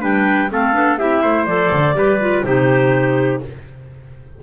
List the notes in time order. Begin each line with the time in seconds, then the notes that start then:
0.00 G3 D4 B4 G5
0.50 A3 C4 A4 F5
0.73 B3 D4
0.98 C4 E4 G4 E5
1.22 A3 C5
1.45 F3 A4 D5
1.72 D3
1.94 G3 G4 B4
2.21 F4
2.43 C3 D#4 G4 C5